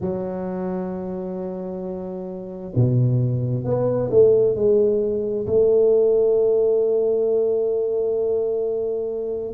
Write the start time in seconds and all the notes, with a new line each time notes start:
0.00 F#3
2.75 B2
3.64 B3
4.10 A3
4.55 G#3
5.46 A3